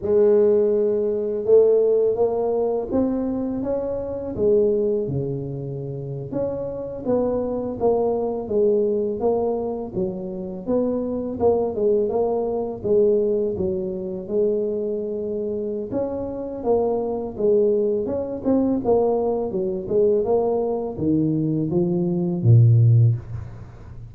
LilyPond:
\new Staff \with { instrumentName = "tuba" } { \time 4/4 \tempo 4 = 83 gis2 a4 ais4 | c'4 cis'4 gis4 cis4~ | cis8. cis'4 b4 ais4 gis16~ | gis8. ais4 fis4 b4 ais16~ |
ais16 gis8 ais4 gis4 fis4 gis16~ | gis2 cis'4 ais4 | gis4 cis'8 c'8 ais4 fis8 gis8 | ais4 dis4 f4 ais,4 | }